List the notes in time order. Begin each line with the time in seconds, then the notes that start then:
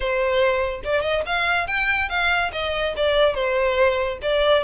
0.00 C5
0.84 D5
1.01 D#5
1.26 F5
1.67 G5
2.09 F5
2.52 D#5
2.96 D5
3.34 C5
4.21 D5